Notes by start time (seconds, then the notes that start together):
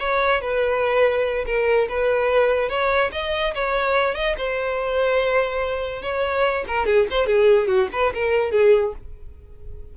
0.00 C#5
0.41 B4
1.46 A#4
1.89 B4
2.70 C#5
3.12 D#5
3.55 C#5
4.15 D#5
4.38 C5
6.02 C#5
6.68 A#4
6.87 G#4
7.11 C5
7.27 G#4
7.68 F#4
7.93 B4
8.14 A#4
8.52 G#4